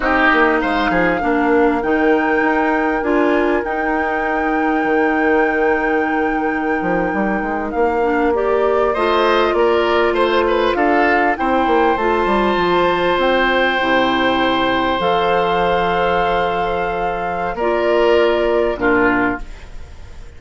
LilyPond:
<<
  \new Staff \with { instrumentName = "flute" } { \time 4/4 \tempo 4 = 99 dis''4 f''2 g''4~ | g''4 gis''4 g''2~ | g''1~ | g''8. f''4 d''4 dis''4 d''16~ |
d''8. c''4 f''4 g''4 a''16~ | a''4.~ a''16 g''2~ g''16~ | g''8. f''2.~ f''16~ | f''4 d''2 ais'4 | }
  \new Staff \with { instrumentName = "oboe" } { \time 4/4 g'4 c''8 gis'8 ais'2~ | ais'1~ | ais'1~ | ais'2~ ais'8. c''4 ais'16~ |
ais'8. c''8 b'8 a'4 c''4~ c''16~ | c''1~ | c''1~ | c''4 ais'2 f'4 | }
  \new Staff \with { instrumentName = "clarinet" } { \time 4/4 dis'2 d'4 dis'4~ | dis'4 f'4 dis'2~ | dis'1~ | dis'4~ dis'16 d'8 g'4 f'4~ f'16~ |
f'2~ f'8. e'4 f'16~ | f'2~ f'8. e'4~ e'16~ | e'8. a'2.~ a'16~ | a'4 f'2 d'4 | }
  \new Staff \with { instrumentName = "bassoon" } { \time 4/4 c'8 ais8 gis8 f8 ais4 dis4 | dis'4 d'4 dis'2 | dis2.~ dis16 f8 g16~ | g16 gis8 ais2 a4 ais16~ |
ais8. a4 d'4 c'8 ais8 a16~ | a16 g8 f4 c'4 c4~ c16~ | c8. f2.~ f16~ | f4 ais2 ais,4 | }
>>